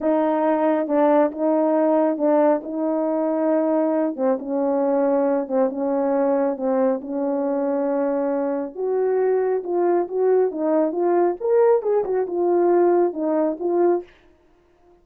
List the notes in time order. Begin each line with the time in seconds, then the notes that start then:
0.00 D#4
0.87 D4
1.31 D#4
2.17 D4
2.63 D#4
4.16 C4
4.39 C#4
5.47 C4
5.69 C#4
6.56 C4
7.01 C#4
8.75 F#4
9.63 F4
10.07 F#4
10.51 D#4
10.92 F4
11.40 A#4
11.82 G#4
12.04 F#4
12.26 F4
13.13 D#4
13.59 F4